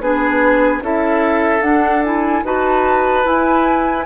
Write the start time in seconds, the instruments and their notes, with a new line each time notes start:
0.00 bassoon B3, clarinet D4, oboe G#4, flute B4
0.81 bassoon C#4, clarinet E4, oboe A4, flute E5
1.60 clarinet D4, bassoon D4, flute F#5
2.04 clarinet E4, flute G#5
2.44 bassoon D#4, clarinet F#4, oboe B4, flute A5
3.24 clarinet E4, bassoon E4, flute G#5